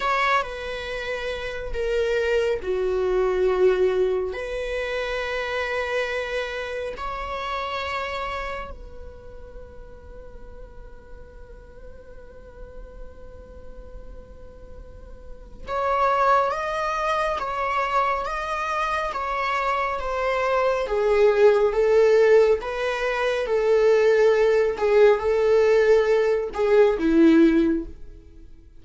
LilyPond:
\new Staff \with { instrumentName = "viola" } { \time 4/4 \tempo 4 = 69 cis''8 b'4. ais'4 fis'4~ | fis'4 b'2. | cis''2 b'2~ | b'1~ |
b'2 cis''4 dis''4 | cis''4 dis''4 cis''4 c''4 | gis'4 a'4 b'4 a'4~ | a'8 gis'8 a'4. gis'8 e'4 | }